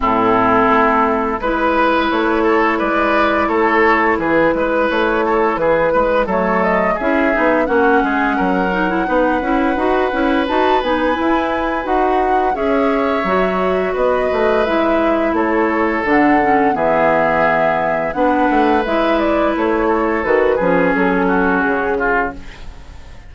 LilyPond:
<<
  \new Staff \with { instrumentName = "flute" } { \time 4/4 \tempo 4 = 86 a'2 b'4 cis''4 | d''4 cis''4 b'4 cis''4 | b'4 cis''8 dis''8 e''4 fis''4~ | fis''2. a''8 gis''8~ |
gis''4 fis''4 e''2 | dis''4 e''4 cis''4 fis''4 | e''2 fis''4 e''8 d''8 | cis''4 b'4 a'4 gis'4 | }
  \new Staff \with { instrumentName = "oboe" } { \time 4/4 e'2 b'4. a'8 | b'4 a'4 gis'8 b'4 a'8 | gis'8 b'8 a'4 gis'4 fis'8 gis'8 | ais'4 b'2.~ |
b'2 cis''2 | b'2 a'2 | gis'2 b'2~ | b'8 a'4 gis'4 fis'4 f'8 | }
  \new Staff \with { instrumentName = "clarinet" } { \time 4/4 c'2 e'2~ | e'1~ | e'4 a4 e'8 dis'8 cis'4~ | cis'8 dis'16 e'16 dis'8 e'8 fis'8 e'8 fis'8 dis'8 |
e'4 fis'4 gis'4 fis'4~ | fis'4 e'2 d'8 cis'8 | b2 d'4 e'4~ | e'4 fis'8 cis'2~ cis'8 | }
  \new Staff \with { instrumentName = "bassoon" } { \time 4/4 a,4 a4 gis4 a4 | gis4 a4 e8 gis8 a4 | e8 gis8 fis4 cis'8 b8 ais8 gis8 | fis4 b8 cis'8 dis'8 cis'8 dis'8 b8 |
e'4 dis'4 cis'4 fis4 | b8 a8 gis4 a4 d4 | e2 b8 a8 gis4 | a4 dis8 f8 fis4 cis4 | }
>>